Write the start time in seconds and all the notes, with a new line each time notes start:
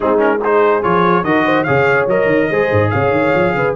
0.00 G#3 C4 D#4 G#4
0.17 C#4 A#4
0.42 D#4 G#4 C5
0.82 F3 F4 C#5
1.23 D#3 F#4 A#4 D#5
1.44 C5
1.63 C#3 G#4 C#5 F5
2.07 F#3 A#4 D#5
2.25 D#3
2.50 G#3 G#4 C5
2.71 G#2
2.90 C#3 C#5 F5
3.11 D#3
3.34 F3
3.53 C#3 B4